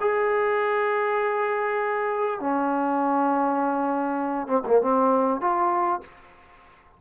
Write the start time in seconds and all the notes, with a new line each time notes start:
0.00 G#4
2.39 C#4
4.47 C4
4.67 A#3
4.81 C4
5.41 F4